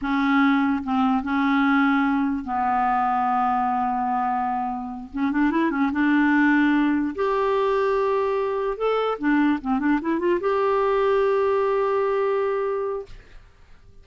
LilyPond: \new Staff \with { instrumentName = "clarinet" } { \time 4/4 \tempo 4 = 147 cis'2 c'4 cis'4~ | cis'2 b2~ | b1~ | b8 cis'8 d'8 e'8 cis'8 d'4.~ |
d'4. g'2~ g'8~ | g'4. a'4 d'4 c'8 | d'8 e'8 f'8 g'2~ g'8~ | g'1 | }